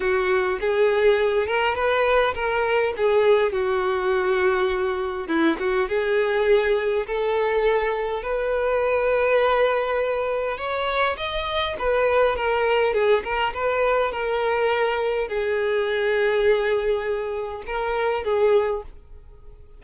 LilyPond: \new Staff \with { instrumentName = "violin" } { \time 4/4 \tempo 4 = 102 fis'4 gis'4. ais'8 b'4 | ais'4 gis'4 fis'2~ | fis'4 e'8 fis'8 gis'2 | a'2 b'2~ |
b'2 cis''4 dis''4 | b'4 ais'4 gis'8 ais'8 b'4 | ais'2 gis'2~ | gis'2 ais'4 gis'4 | }